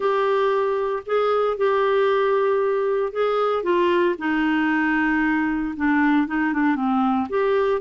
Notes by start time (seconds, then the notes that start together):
0.00 G4
1.06 G#4
1.57 G4
3.12 G#4
3.63 F4
4.18 D#4
5.76 D4
6.27 D#4
6.53 D4
6.75 C4
7.29 G4